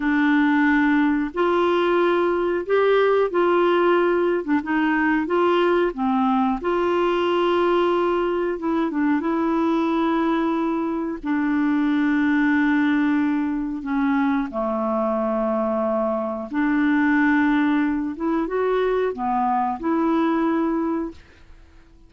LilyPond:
\new Staff \with { instrumentName = "clarinet" } { \time 4/4 \tempo 4 = 91 d'2 f'2 | g'4 f'4.~ f'16 d'16 dis'4 | f'4 c'4 f'2~ | f'4 e'8 d'8 e'2~ |
e'4 d'2.~ | d'4 cis'4 a2~ | a4 d'2~ d'8 e'8 | fis'4 b4 e'2 | }